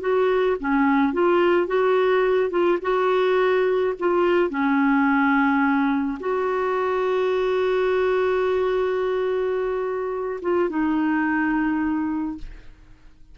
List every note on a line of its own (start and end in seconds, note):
0.00 0.56 F#4
0.59 1.13 C#4
1.13 1.66 F4
1.66 2.50 F#4
2.50 2.78 F4
2.81 3.94 F#4
3.99 4.50 F4
4.50 6.18 C#4
6.19 10.40 F#4
10.41 10.69 F4
10.69 12.37 D#4